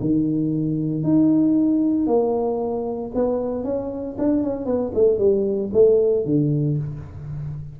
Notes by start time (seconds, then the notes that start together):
0.00 D#3
1.03 D#4
2.07 A#3
3.14 B3
3.64 C#4
4.18 D4
4.43 C#4
4.65 B3
4.94 A3
5.18 G3
5.73 A3
6.25 D3